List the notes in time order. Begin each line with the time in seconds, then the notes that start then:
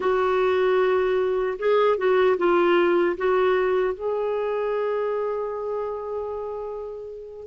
0.00 F#4
1.58 G#4
1.97 F#4
2.37 F4
3.17 F#4
3.94 G#4